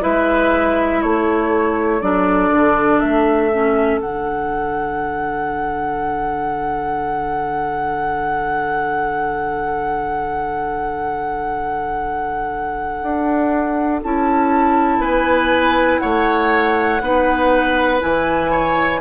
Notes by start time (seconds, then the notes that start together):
0.00 G#3 E4 B4 E5
1.02 A3 A4 C#5
2.01 F#3 D4 D5
2.51 D3
2.99 A3 E5
3.52 C#4
3.99 D3 D4 F#5
13.03 D4
14.03 C#4 E4 A5
14.99 B3 B4 G#5
15.99 A3 C#5 F#5
17.01 B3 D#4 B4
18.00 E3 E4 G#5
18.51 C#5